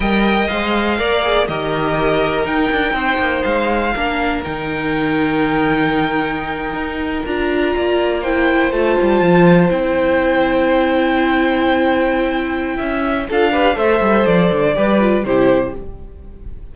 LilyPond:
<<
  \new Staff \with { instrumentName = "violin" } { \time 4/4 \tempo 4 = 122 g''4 f''2 dis''4~ | dis''4 g''2 f''4~ | f''4 g''2.~ | g''2~ g''8. ais''4~ ais''16~ |
ais''8. g''4 a''2 g''16~ | g''1~ | g''2. f''4 | e''4 d''2 c''4 | }
  \new Staff \with { instrumentName = "violin" } { \time 4/4 dis''2 d''4 ais'4~ | ais'2 c''2 | ais'1~ | ais'2.~ ais'8. d''16~ |
d''8. c''2.~ c''16~ | c''1~ | c''2 e''4 a'8 b'8 | c''2 b'4 g'4 | }
  \new Staff \with { instrumentName = "viola" } { \time 4/4 ais'4 c''4 ais'8 gis'8 g'4~ | g'4 dis'2. | d'4 dis'2.~ | dis'2~ dis'8. f'4~ f'16~ |
f'8. e'4 f'2 e'16~ | e'1~ | e'2. f'8 g'8 | a'2 g'8 f'8 e'4 | }
  \new Staff \with { instrumentName = "cello" } { \time 4/4 g4 gis4 ais4 dis4~ | dis4 dis'8 d'8 c'8 ais8 gis4 | ais4 dis2.~ | dis4.~ dis16 dis'4 d'4 ais16~ |
ais4.~ ais16 a8 g8 f4 c'16~ | c'1~ | c'2 cis'4 d'4 | a8 g8 f8 d8 g4 c4 | }
>>